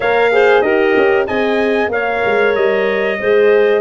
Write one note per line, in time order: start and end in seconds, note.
0.00 0.61 A#3
0.00 0.32 A#4
0.00 0.32 C#5
0.00 0.61 F5
0.32 0.62 G#4
0.32 0.64 C5
0.61 0.93 D#4
0.61 1.26 G4
0.61 1.27 A#4
0.61 1.25 D#5
0.96 1.28 C#4
1.26 1.88 C4
1.26 1.90 G#4
1.26 1.90 D#5
1.26 1.90 G#5
1.88 2.20 A#3
1.88 3.19 A#4
1.88 3.19 C#5
1.88 2.55 F5
2.25 2.55 G#3
2.55 3.19 G3
2.55 3.80 D#5
3.19 3.80 G#3
3.19 3.80 G#4
3.19 3.80 C5